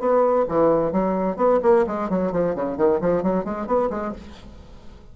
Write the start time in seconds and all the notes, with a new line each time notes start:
0.00 B3
0.49 E3
0.92 F#3
1.37 B3
1.63 A#3
1.87 G#3
2.10 F#3
2.33 F3
2.56 C#3
2.78 D#3
3.01 F3
3.23 F#3
3.45 G#3
3.67 B3
3.91 G#3